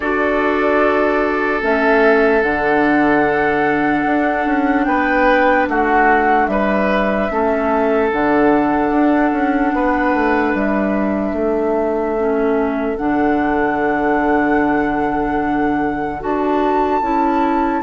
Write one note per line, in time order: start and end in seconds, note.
0.00 1.62 D4
0.00 1.61 F#4
0.00 4.84 A4
0.00 1.62 D5
1.61 2.42 A3
1.61 2.42 C#4
1.61 2.42 E5
2.42 4.05 D3
2.42 7.30 D4
2.42 4.84 F#5
4.05 4.45 D4
4.46 4.86 C#4
4.84 5.67 B3
4.84 5.68 B4
4.84 5.66 G5
5.68 6.47 A3
5.68 6.50 F#4
5.68 6.46 F#5
6.46 7.28 G3
6.46 7.32 B4
6.46 8.08 E5
7.30 8.11 A3
7.30 8.11 C#4
7.30 9.74 A4
8.11 8.90 D3
8.11 12.16 D4
8.11 10.54 F#5
8.90 9.31 D4
9.32 9.72 C#4
9.73 10.14 B3
9.73 11.35 B4
10.14 10.54 A3
10.54 11.32 G3
10.54 12.97 E5
11.32 12.94 A3
11.32 17.83 A4
12.17 12.96 C#4
12.96 16.23 D3
12.96 16.20 D4
12.96 16.21 F#5
16.20 17.01 D4
16.20 17.01 F#4
16.20 17.83 A5
17.01 17.82 C#4
17.01 17.83 E4